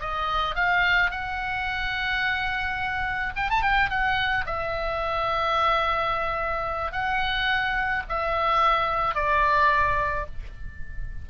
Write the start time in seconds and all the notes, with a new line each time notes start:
0.00 D#5
0.55 F5
1.10 F#5
3.36 G5
3.49 A5
3.62 G5
3.89 F#5
4.46 E5
6.92 F#5
8.08 E5
9.14 D5